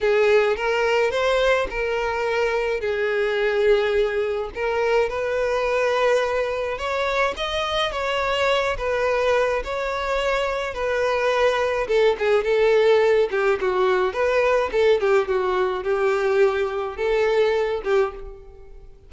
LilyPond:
\new Staff \with { instrumentName = "violin" } { \time 4/4 \tempo 4 = 106 gis'4 ais'4 c''4 ais'4~ | ais'4 gis'2. | ais'4 b'2. | cis''4 dis''4 cis''4. b'8~ |
b'4 cis''2 b'4~ | b'4 a'8 gis'8 a'4. g'8 | fis'4 b'4 a'8 g'8 fis'4 | g'2 a'4. g'8 | }